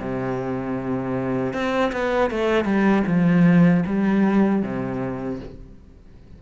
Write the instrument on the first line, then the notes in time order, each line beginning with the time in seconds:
cello
0.00 C3
1.53 C4
1.92 B3
2.31 A3
2.65 G3
3.07 F3
3.86 G3
4.63 C3